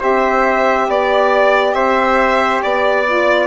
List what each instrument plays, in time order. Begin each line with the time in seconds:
0.00 bassoon C4, saxophone G4, trumpet C5, violin E5
0.88 bassoon B3, trumpet D5, violin D5
1.74 bassoon C4, trumpet C5, violin E5
2.63 bassoon B3, trumpet D5, violin D5
3.06 saxophone F4